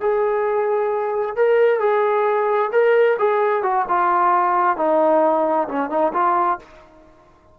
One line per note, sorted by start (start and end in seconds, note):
0.00 1.36 G#4
1.36 1.80 A#4
1.80 2.70 G#4
2.72 3.17 A#4
3.19 3.63 G#4
3.63 3.85 F#4
3.88 4.77 F4
4.77 5.68 D#4
5.68 5.89 C#4
5.89 6.12 D#4
6.13 6.58 F4